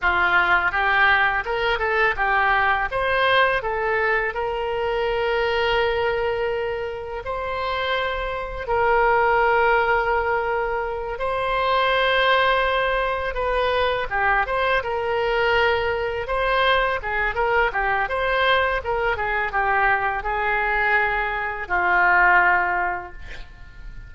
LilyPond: \new Staff \with { instrumentName = "oboe" } { \time 4/4 \tempo 4 = 83 f'4 g'4 ais'8 a'8 g'4 | c''4 a'4 ais'2~ | ais'2 c''2 | ais'2.~ ais'8 c''8~ |
c''2~ c''8 b'4 g'8 | c''8 ais'2 c''4 gis'8 | ais'8 g'8 c''4 ais'8 gis'8 g'4 | gis'2 f'2 | }